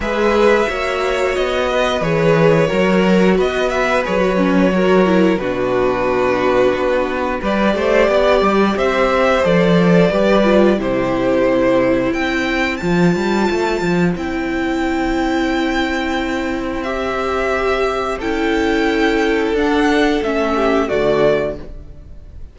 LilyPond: <<
  \new Staff \with { instrumentName = "violin" } { \time 4/4 \tempo 4 = 89 e''2 dis''4 cis''4~ | cis''4 dis''8 e''8 cis''2 | b'2. d''4~ | d''4 e''4 d''2 |
c''2 g''4 a''4~ | a''4 g''2.~ | g''4 e''2 g''4~ | g''4 fis''4 e''4 d''4 | }
  \new Staff \with { instrumentName = "violin" } { \time 4/4 b'4 cis''4. b'4. | ais'4 b'2 ais'4 | fis'2. b'8 c''8 | d''4 c''2 b'4 |
g'2 c''2~ | c''1~ | c''2. a'4~ | a'2~ a'8 g'8 fis'4 | }
  \new Staff \with { instrumentName = "viola" } { \time 4/4 gis'4 fis'2 gis'4 | fis'2 gis'16 fis'16 cis'8 fis'8 e'8 | d'2. g'4~ | g'2 a'4 g'8 f'8 |
e'2. f'4~ | f'4 e'2.~ | e'4 g'2 e'4~ | e'4 d'4 cis'4 a4 | }
  \new Staff \with { instrumentName = "cello" } { \time 4/4 gis4 ais4 b4 e4 | fis4 b4 fis2 | b,2 b4 g8 a8 | b8 g8 c'4 f4 g4 |
c2 c'4 f8 g8 | a8 f8 c'2.~ | c'2. cis'4~ | cis'4 d'4 a4 d4 | }
>>